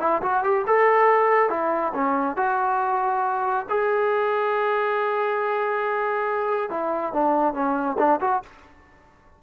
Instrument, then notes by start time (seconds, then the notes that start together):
trombone
0.00 E4
0.22 F#4
0.44 G4
0.67 A4
1.50 E4
1.94 C#4
2.36 F#4
3.69 G#4
6.70 E4
7.13 D4
7.53 C#4
7.99 D4
8.21 F#4